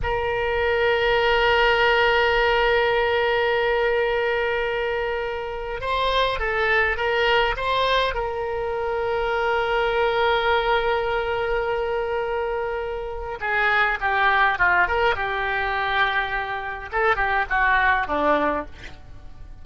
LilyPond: \new Staff \with { instrumentName = "oboe" } { \time 4/4 \tempo 4 = 103 ais'1~ | ais'1~ | ais'2 c''4 a'4 | ais'4 c''4 ais'2~ |
ais'1~ | ais'2. gis'4 | g'4 f'8 ais'8 g'2~ | g'4 a'8 g'8 fis'4 d'4 | }